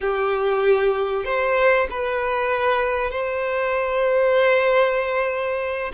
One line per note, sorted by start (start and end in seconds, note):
0.00 1.24 G4
1.24 1.87 C5
1.90 3.10 B4
3.10 5.91 C5